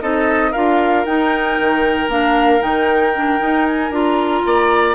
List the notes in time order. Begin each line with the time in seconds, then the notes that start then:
0.00 C4 D#4 A4 D#5
0.51 D4 F4 A#4 F5
1.05 D#4 G5
1.59 D#3
2.08 A#3 D4 F5
2.60 D#3 D#4 G5
3.15 D4
3.39 D#4
3.66 G#5
3.90 D4 F4 A#5
4.45 A#3 D5